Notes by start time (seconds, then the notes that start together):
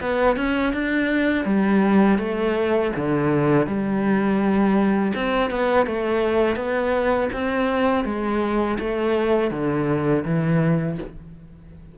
0.00 B3
0.36 C#4
0.73 D4
1.45 G3
2.18 A3
2.96 D3
3.66 G3
5.14 C4
5.50 B3
5.86 A3
6.56 B3
7.33 C4
8.05 G#3
8.79 A3
9.51 D3
10.24 E3